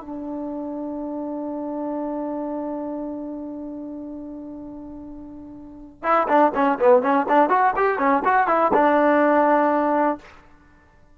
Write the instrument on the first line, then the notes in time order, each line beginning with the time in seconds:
trombone
0.00 D4
6.03 E4
6.28 D4
6.54 C#4
6.79 B3
7.02 C#4
7.28 D4
7.49 F#4
7.76 G4
7.98 C#4
8.24 F#4
8.47 E4
8.73 D4